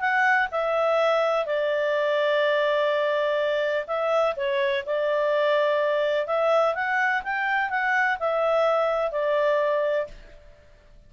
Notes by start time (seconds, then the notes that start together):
0.00 F#5
0.51 E5
1.46 D5
3.87 E5
4.36 C#5
4.85 D5
6.26 E5
6.74 F#5
7.23 G5
7.70 F#5
8.19 E5
9.11 D5